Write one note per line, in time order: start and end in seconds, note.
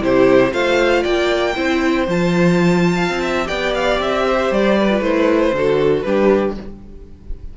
0.00 0.52 C3
0.00 0.51 E4
0.00 0.52 G4
0.00 0.53 C5
0.51 1.04 A3
0.51 1.54 F4
0.51 1.02 C5
0.51 1.03 F5
1.02 1.57 A#3
1.02 1.53 D5
1.02 2.06 G5
1.56 2.07 C4
1.56 2.07 E4
1.56 2.95 C5
2.07 3.09 F3
2.07 3.44 F4
2.07 3.47 A5
2.95 3.21 F5
3.09 3.48 C4
3.22 3.47 E5
3.44 3.99 B3
3.44 4.85 G4
3.44 4.24 D5
3.44 3.72 G5
3.74 4.00 F5
3.99 4.50 C4
3.99 4.53 E5
4.27 4.78 C5
4.51 5.00 G3
4.51 5.02 D5
4.78 5.55 B4
4.90 5.02 F4
5.00 5.52 A3
5.00 5.53 E4
5.00 6.01 C5
5.52 6.04 D3
5.52 6.06 F#4
5.52 6.06 A4
6.01 6.57 G3
6.01 6.57 D4
6.01 6.57 G4
6.01 6.53 B4